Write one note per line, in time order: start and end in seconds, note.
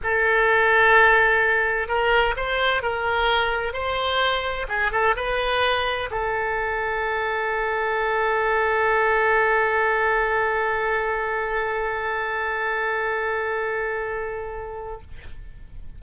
0.03 1.87 A4
1.87 2.34 A#4
2.36 2.82 C5
2.82 3.73 A#4
3.73 4.66 C5
4.68 4.91 G#4
4.91 5.15 A4
5.16 6.09 B4
6.10 15.01 A4